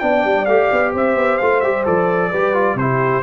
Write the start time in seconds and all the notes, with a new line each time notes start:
0.00 B3 D4 D5 G5
0.25 G3
0.46 A3 G4 F5
0.72 B3
0.93 C4 C5 E5
1.16 B3
1.38 A3 F4 F5
1.61 G3 G4 E5
1.85 F3 A4 D5
2.31 G3 G4 B4
2.54 F4
2.75 C3 E4 G4 C5